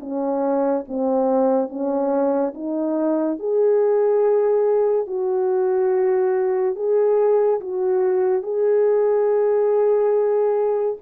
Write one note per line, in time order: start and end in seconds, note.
0.00 0.85 C#4
0.88 1.69 C4
1.69 2.54 C#4
2.55 3.39 D#4
3.39 5.07 G#4
5.07 6.76 F#4
6.76 7.60 G#4
7.61 8.43 F#4
8.43 10.96 G#4